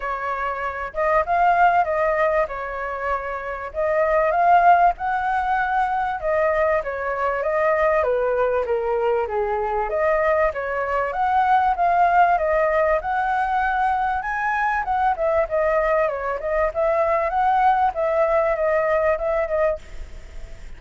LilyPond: \new Staff \with { instrumentName = "flute" } { \time 4/4 \tempo 4 = 97 cis''4. dis''8 f''4 dis''4 | cis''2 dis''4 f''4 | fis''2 dis''4 cis''4 | dis''4 b'4 ais'4 gis'4 |
dis''4 cis''4 fis''4 f''4 | dis''4 fis''2 gis''4 | fis''8 e''8 dis''4 cis''8 dis''8 e''4 | fis''4 e''4 dis''4 e''8 dis''8 | }